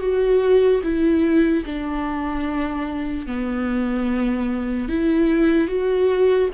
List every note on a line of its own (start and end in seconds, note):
0.00 0.81 F#4
0.83 1.64 E4
1.65 3.26 D4
3.26 4.88 B3
4.88 5.68 E4
5.68 6.49 F#4